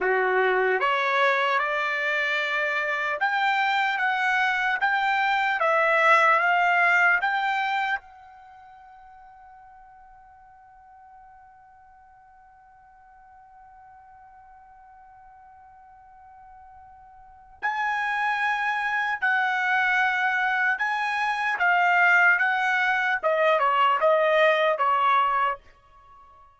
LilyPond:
\new Staff \with { instrumentName = "trumpet" } { \time 4/4 \tempo 4 = 75 fis'4 cis''4 d''2 | g''4 fis''4 g''4 e''4 | f''4 g''4 fis''2~ | fis''1~ |
fis''1~ | fis''2 gis''2 | fis''2 gis''4 f''4 | fis''4 dis''8 cis''8 dis''4 cis''4 | }